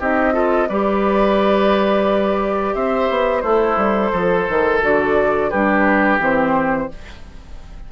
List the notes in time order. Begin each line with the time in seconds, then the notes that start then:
0.00 C4 D#4 G4 D#5
0.33 F4 A4
0.69 G3 G4 B4 D5
2.75 C4 C5 E5
3.10 B3
3.41 A3 E4 A4 C5
3.77 G3
4.12 F3 A4
4.50 D#3
4.82 D3 F#4 D5
5.51 G3 D4 G4 B4
6.19 E3 C4 C5